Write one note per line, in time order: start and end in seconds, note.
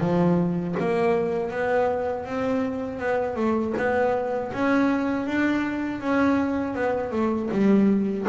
0.00 0.75 F3
0.79 1.51 A#3
1.51 2.25 B3
2.25 2.99 C4
2.99 3.36 B3
3.36 3.73 A3
3.77 4.52 B3
4.53 5.26 C#4
5.26 6.00 D4
6.00 6.75 C#4
6.75 7.12 B3
7.12 7.49 A3
7.51 8.26 G3